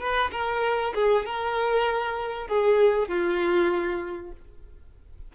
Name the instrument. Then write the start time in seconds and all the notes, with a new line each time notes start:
violin
0.00 B4
0.32 A#4
0.94 G#4
1.26 A#4
2.48 G#4
3.08 F4